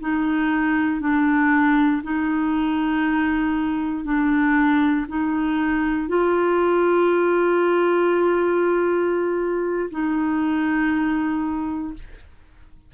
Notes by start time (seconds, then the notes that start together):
0.00 D#4
1.00 D4
2.03 D#4
4.04 D4
5.08 D#4
6.08 F4
9.90 D#4